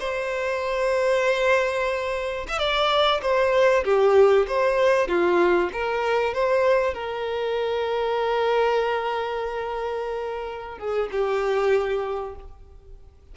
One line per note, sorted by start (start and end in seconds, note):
0.00 2.47 C5
2.49 2.59 E5
2.59 3.21 D5
3.22 3.84 C5
3.85 4.47 G4
4.48 5.09 C5
5.09 5.70 F4
5.73 6.34 A#4
6.34 6.94 C5
6.94 10.79 A#4
10.79 11.10 G#4
11.12 12.36 G4